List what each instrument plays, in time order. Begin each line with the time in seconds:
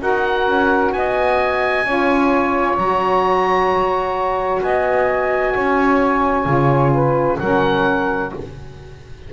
0.00 double bass D#4, saxophone F#4 A#4, oboe F#5
0.47 double bass C#4
0.93 double bass B3, saxophone D#5, oboe G#5
1.85 double bass C#4, saxophone F4 C#5
2.78 double bass F#3, saxophone F#4, oboe A#5
4.63 double bass B3, saxophone D#5, oboe G#5
5.54 double bass C#4, saxophone C#5
6.45 double bass C#3, saxophone F4
6.93 saxophone B4
7.40 double bass F#3, saxophone C#4 A#4, oboe F#5